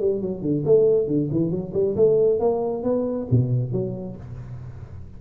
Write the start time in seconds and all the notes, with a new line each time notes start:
0.00 G3
0.21 F#3
0.42 D3
0.65 A3
1.07 D3
1.32 E3
1.51 F#3
1.74 G3
1.96 A3
2.40 A#3
2.83 B3
3.31 B2
3.72 F#3